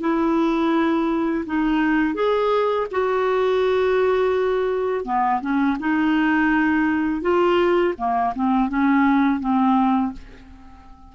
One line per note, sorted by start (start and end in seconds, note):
0.00 1.45 E4
1.46 2.14 D#4
2.14 2.87 G#4
2.91 5.04 F#4
5.04 5.41 B3
5.41 5.77 C#4
5.79 7.21 D#4
7.21 7.94 F4
7.97 8.33 A#3
8.35 8.68 C4
8.68 9.40 C#4
9.40 10.12 C4